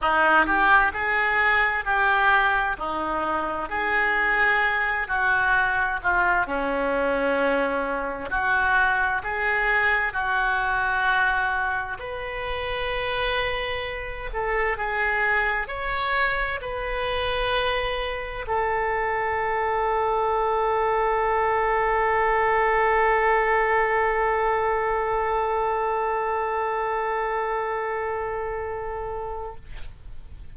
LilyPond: \new Staff \with { instrumentName = "oboe" } { \time 4/4 \tempo 4 = 65 dis'8 g'8 gis'4 g'4 dis'4 | gis'4. fis'4 f'8 cis'4~ | cis'4 fis'4 gis'4 fis'4~ | fis'4 b'2~ b'8 a'8 |
gis'4 cis''4 b'2 | a'1~ | a'1~ | a'1 | }